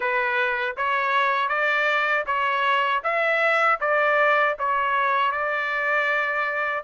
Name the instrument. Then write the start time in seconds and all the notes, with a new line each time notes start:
trumpet
0.00 B4
0.77 C#5
1.48 D5
2.26 C#5
3.03 E5
3.80 D5
4.58 C#5
5.31 D5